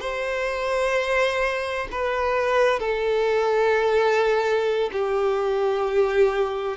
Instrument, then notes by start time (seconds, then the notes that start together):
violin
0.00 C5
1.91 B4
2.79 A4
4.92 G4